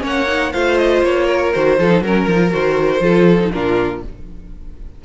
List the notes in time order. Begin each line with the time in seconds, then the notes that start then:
0.00 A#3 C#4 C#5
0.07 F#5
0.27 D#4
0.53 A3 F4 C5 F5
0.78 D#5
1.03 A#3 C#5
1.26 A#4
1.53 D#3 F#4 C5
1.79 F3 F4 A4
1.89 D#4
2.02 F#3 C#4 A#4
2.28 F3 D#4
2.38 F4
2.51 D#3 F#4 C5
3.00 F3 F4 A4
3.40 D#4
3.53 A#2 D4 F4 A#4